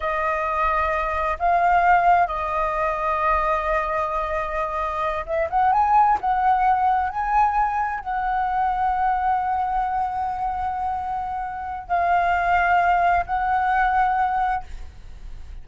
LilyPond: \new Staff \with { instrumentName = "flute" } { \time 4/4 \tempo 4 = 131 dis''2. f''4~ | f''4 dis''2.~ | dis''2.~ dis''8 e''8 | fis''8 gis''4 fis''2 gis''8~ |
gis''4. fis''2~ fis''8~ | fis''1~ | fis''2 f''2~ | f''4 fis''2. | }